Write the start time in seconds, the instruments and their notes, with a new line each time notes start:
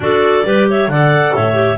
0.00 double bass D4, clarinet F#4 A4 D5
0.43 double bass G3, clarinet G4 B4
0.69 clarinet C#5 E5
0.87 double bass D3, clarinet A4 D5 F#5
1.34 double bass A2, clarinet C#5 E5
1.53 clarinet G4